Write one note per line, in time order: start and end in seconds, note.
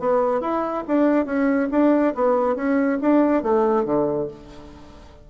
0.00 0.41 B3
0.41 0.84 E4
0.88 1.26 D4
1.26 1.69 C#4
1.72 2.15 D4
2.15 2.56 B3
2.56 2.99 C#4
3.02 3.43 D4
3.43 3.85 A3
3.85 4.28 D3